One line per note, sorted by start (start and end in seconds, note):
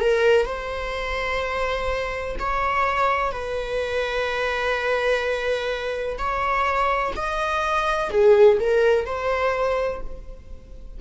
0.00 0.45 A#4
0.45 2.35 C5
2.39 3.32 C#5
3.32 6.17 B4
6.17 7.13 C#5
7.16 8.10 D#5
8.10 8.58 G#4
8.59 9.05 A#4
9.05 10.00 C5